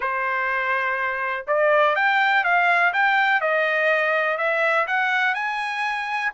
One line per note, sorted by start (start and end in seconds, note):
0.00 1.45 C5
1.47 1.95 D5
1.95 2.44 G5
2.44 2.92 F5
2.93 3.41 G5
3.41 4.37 D#5
4.37 4.86 E5
4.87 5.34 F#5
5.34 6.31 G#5